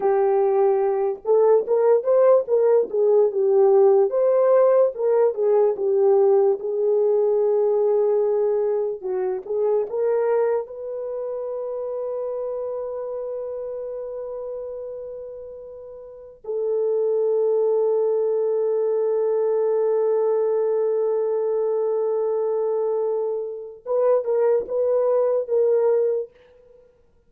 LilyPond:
\new Staff \with { instrumentName = "horn" } { \time 4/4 \tempo 4 = 73 g'4. a'8 ais'8 c''8 ais'8 gis'8 | g'4 c''4 ais'8 gis'8 g'4 | gis'2. fis'8 gis'8 | ais'4 b'2.~ |
b'1 | a'1~ | a'1~ | a'4 b'8 ais'8 b'4 ais'4 | }